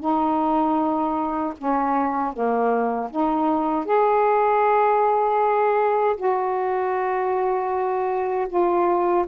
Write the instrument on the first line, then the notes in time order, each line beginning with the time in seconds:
saxophone
0.00 D#4
1.59 C#4
2.34 A#3
3.11 D#4
3.86 G#4
6.17 F#4
8.49 F4